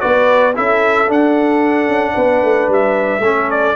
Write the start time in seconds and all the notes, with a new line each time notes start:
0.00 B3 F#4 B4 D5
0.55 C#4 E4 A4 E5
1.07 D4 F#5
1.88 C#4
2.13 B3 B4
2.43 A3
2.68 G3 E5
3.19 A3 C#4
3.26 A4
3.50 D5